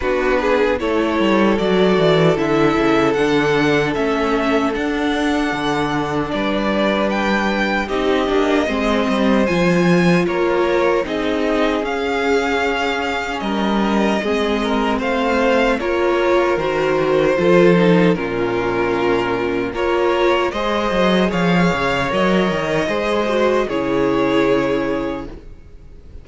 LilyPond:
<<
  \new Staff \with { instrumentName = "violin" } { \time 4/4 \tempo 4 = 76 b'4 cis''4 d''4 e''4 | fis''4 e''4 fis''2 | d''4 g''4 dis''2 | gis''4 cis''4 dis''4 f''4~ |
f''4 dis''2 f''4 | cis''4 c''2 ais'4~ | ais'4 cis''4 dis''4 f''4 | dis''2 cis''2 | }
  \new Staff \with { instrumentName = "violin" } { \time 4/4 fis'8 gis'8 a'2.~ | a'1 | b'2 g'4 c''4~ | c''4 ais'4 gis'2~ |
gis'4 ais'4 gis'8 ais'8 c''4 | ais'2 a'4 f'4~ | f'4 ais'4 c''4 cis''4~ | cis''4 c''4 gis'2 | }
  \new Staff \with { instrumentName = "viola" } { \time 4/4 d'4 e'4 fis'4 e'4 | d'4 cis'4 d'2~ | d'2 dis'8 d'8 c'4 | f'2 dis'4 cis'4~ |
cis'2 c'2 | f'4 fis'4 f'8 dis'8 cis'4~ | cis'4 f'4 gis'2 | ais'4 gis'8 fis'8 e'2 | }
  \new Staff \with { instrumentName = "cello" } { \time 4/4 b4 a8 g8 fis8 e8 d8 cis8 | d4 a4 d'4 d4 | g2 c'8 ais8 gis8 g8 | f4 ais4 c'4 cis'4~ |
cis'4 g4 gis4 a4 | ais4 dis4 f4 ais,4~ | ais,4 ais4 gis8 fis8 f8 cis8 | fis8 dis8 gis4 cis2 | }
>>